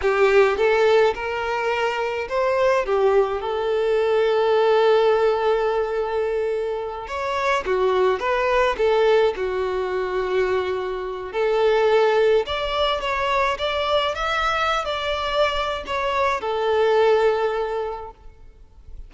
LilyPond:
\new Staff \with { instrumentName = "violin" } { \time 4/4 \tempo 4 = 106 g'4 a'4 ais'2 | c''4 g'4 a'2~ | a'1~ | a'8 cis''4 fis'4 b'4 a'8~ |
a'8 fis'2.~ fis'8 | a'2 d''4 cis''4 | d''4 e''4~ e''16 d''4.~ d''16 | cis''4 a'2. | }